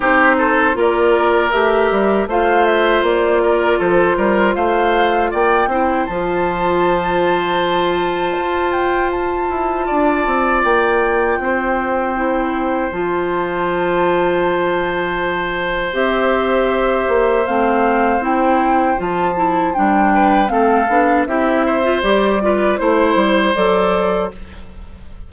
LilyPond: <<
  \new Staff \with { instrumentName = "flute" } { \time 4/4 \tempo 4 = 79 c''4 d''4 e''4 f''8 e''8 | d''4 c''4 f''4 g''4 | a''2.~ a''8 g''8 | a''2 g''2~ |
g''4 a''2.~ | a''4 e''2 f''4 | g''4 a''4 g''4 f''4 | e''4 d''4 c''4 d''4 | }
  \new Staff \with { instrumentName = "oboe" } { \time 4/4 g'8 a'8 ais'2 c''4~ | c''8 ais'8 a'8 ais'8 c''4 d''8 c''8~ | c''1~ | c''4 d''2 c''4~ |
c''1~ | c''1~ | c''2~ c''8 b'8 a'4 | g'8 c''4 b'8 c''2 | }
  \new Staff \with { instrumentName = "clarinet" } { \time 4/4 dis'4 f'4 g'4 f'4~ | f'2.~ f'8 e'8 | f'1~ | f'1 |
e'4 f'2.~ | f'4 g'2 c'4 | e'4 f'8 e'8 d'4 c'8 d'8 | e'8. f'16 g'8 f'8 e'4 a'4 | }
  \new Staff \with { instrumentName = "bassoon" } { \time 4/4 c'4 ais4 a8 g8 a4 | ais4 f8 g8 a4 ais8 c'8 | f2. f'4~ | f'8 e'8 d'8 c'8 ais4 c'4~ |
c'4 f2.~ | f4 c'4. ais8 a4 | c'4 f4 g4 a8 b8 | c'4 g4 a8 g8 fis4 | }
>>